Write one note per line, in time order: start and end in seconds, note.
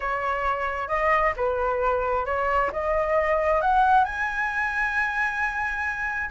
0.00 0.88 C#5
0.88 1.33 D#5
1.36 2.25 B4
2.25 2.70 C#5
2.72 3.61 D#5
3.61 4.04 F#5
4.04 6.29 G#5